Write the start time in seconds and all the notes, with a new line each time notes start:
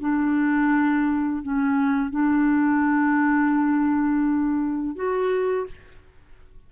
0.00 D4
1.43 C#4
2.11 D4
4.96 F#4